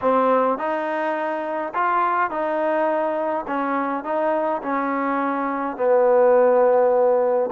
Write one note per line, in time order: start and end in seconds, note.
0.01 0.57 C4
0.57 1.73 D#4
1.74 2.30 F4
2.30 3.45 D#4
3.47 4.04 C#4
4.04 4.61 D#4
4.62 5.76 C#4
5.76 7.49 B3